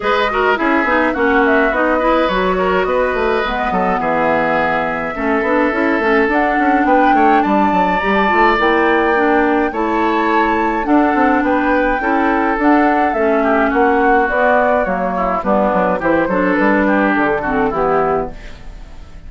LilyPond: <<
  \new Staff \with { instrumentName = "flute" } { \time 4/4 \tempo 4 = 105 dis''4 e''4 fis''8 e''8 dis''4 | cis''4 dis''2 e''4~ | e''2. fis''4 | g''4 a''4 ais''16 a''8. g''4~ |
g''4 a''2 fis''4 | g''2 fis''4 e''4 | fis''4 d''4 cis''4 b'4 | c''4 b'4 a'4 g'4 | }
  \new Staff \with { instrumentName = "oboe" } { \time 4/4 b'8 ais'8 gis'4 fis'4. b'8~ | b'8 ais'8 b'4. a'8 gis'4~ | gis'4 a'2. | b'8 cis''8 d''2.~ |
d''4 cis''2 a'4 | b'4 a'2~ a'8 g'8 | fis'2~ fis'8 e'8 d'4 | g'8 a'4 g'4 fis'8 e'4 | }
  \new Staff \with { instrumentName = "clarinet" } { \time 4/4 gis'8 fis'8 e'8 dis'8 cis'4 dis'8 e'8 | fis'2 b2~ | b4 cis'8 d'8 e'8 cis'8 d'4~ | d'2 g'8 f'8 e'4 |
d'4 e'2 d'4~ | d'4 e'4 d'4 cis'4~ | cis'4 b4 ais4 b4 | e'8 d'2 c'8 b4 | }
  \new Staff \with { instrumentName = "bassoon" } { \time 4/4 gis4 cis'8 b8 ais4 b4 | fis4 b8 a8 gis8 fis8 e4~ | e4 a8 b8 cis'8 a8 d'8 cis'8 | b8 a8 g8 fis8 g8 a8 ais4~ |
ais4 a2 d'8 c'8 | b4 cis'4 d'4 a4 | ais4 b4 fis4 g8 fis8 | e8 fis8 g4 d4 e4 | }
>>